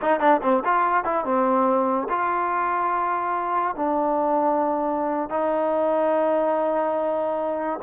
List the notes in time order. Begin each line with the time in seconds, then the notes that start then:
0.01 D#4
0.20 D4
0.42 C4
0.64 F4
1.04 E4
1.24 C4
2.09 F4
3.75 D4
5.29 D#4